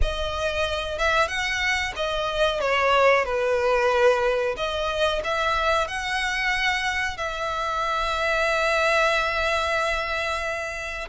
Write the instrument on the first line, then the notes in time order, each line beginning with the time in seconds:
violin
0.01 D#5
0.98 E5
1.27 F#5
1.96 D#5
2.60 C#5
3.25 B4
4.57 D#5
5.24 E5
5.87 F#5
7.17 E5